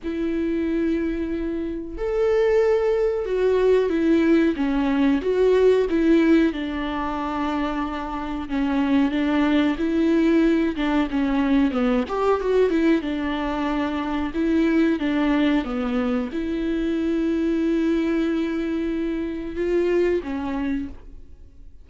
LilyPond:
\new Staff \with { instrumentName = "viola" } { \time 4/4 \tempo 4 = 92 e'2. a'4~ | a'4 fis'4 e'4 cis'4 | fis'4 e'4 d'2~ | d'4 cis'4 d'4 e'4~ |
e'8 d'8 cis'4 b8 g'8 fis'8 e'8 | d'2 e'4 d'4 | b4 e'2.~ | e'2 f'4 cis'4 | }